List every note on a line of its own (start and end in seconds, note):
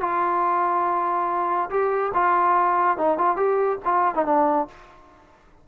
0.00 1.69 F4
1.69 2.12 G4
2.14 2.97 F4
2.97 3.17 D#4
3.17 3.36 F4
3.36 3.78 G4
3.85 4.14 F4
4.14 4.25 D#4
4.25 4.67 D4